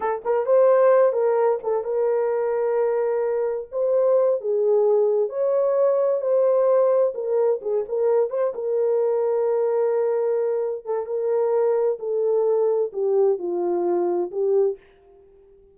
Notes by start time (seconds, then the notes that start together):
0.00 A4
0.25 A#4
0.46 C5
1.12 A#4
1.63 A4
1.84 A#4
3.71 C5
4.41 G#4
5.29 C#5
6.21 C5
7.14 A#4
7.61 G#4
7.88 A#4
8.30 C5
8.54 A#4
10.85 A4
11.06 A#4
11.99 A4
12.92 G4
13.38 F4
14.31 G4